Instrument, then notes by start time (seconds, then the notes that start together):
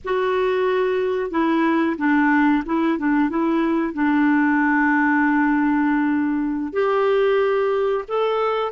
clarinet
0.04 F#4
1.30 E4
1.97 D4
2.65 E4
2.98 D4
3.29 E4
3.93 D4
6.73 G4
8.08 A4